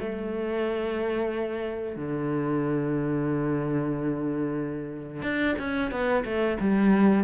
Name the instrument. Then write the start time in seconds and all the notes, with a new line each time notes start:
cello
0.00 A3
1.97 D3
5.23 D4
5.59 C#4
5.91 B3
6.25 A3
6.61 G3